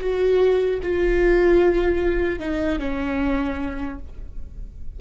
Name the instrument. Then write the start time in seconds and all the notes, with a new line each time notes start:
viola
0.00 F#4
0.83 F4
2.40 D#4
2.79 C#4